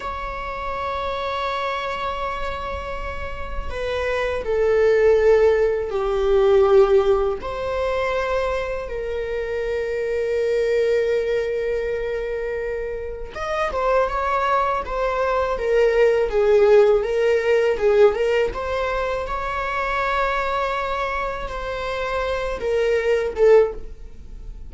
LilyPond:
\new Staff \with { instrumentName = "viola" } { \time 4/4 \tempo 4 = 81 cis''1~ | cis''4 b'4 a'2 | g'2 c''2 | ais'1~ |
ais'2 dis''8 c''8 cis''4 | c''4 ais'4 gis'4 ais'4 | gis'8 ais'8 c''4 cis''2~ | cis''4 c''4. ais'4 a'8 | }